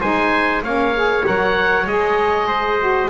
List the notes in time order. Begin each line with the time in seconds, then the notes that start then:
0.00 G#3 D#4 C5 G#5
0.62 A#3 C#4 C#5 F5
0.96 G#4
1.23 F#3 A#4 F#5
1.86 G#3 G#4 D#5
2.47 C5
2.79 F#4